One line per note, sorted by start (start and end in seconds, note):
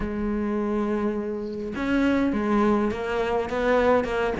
0.00 1.74 G#3
1.75 2.32 C#4
2.32 2.91 G#3
2.91 3.49 A#3
3.49 4.04 B3
4.04 4.33 A#3